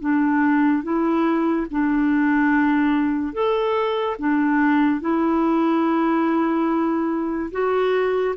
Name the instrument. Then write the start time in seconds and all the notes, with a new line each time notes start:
clarinet
0.00 D4
0.83 E4
1.70 D4
3.33 A4
4.18 D4
5.00 E4
7.51 F#4